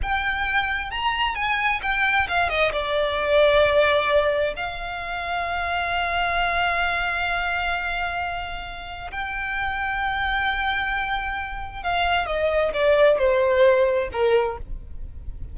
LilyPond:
\new Staff \with { instrumentName = "violin" } { \time 4/4 \tempo 4 = 132 g''2 ais''4 gis''4 | g''4 f''8 dis''8 d''2~ | d''2 f''2~ | f''1~ |
f''1 | g''1~ | g''2 f''4 dis''4 | d''4 c''2 ais'4 | }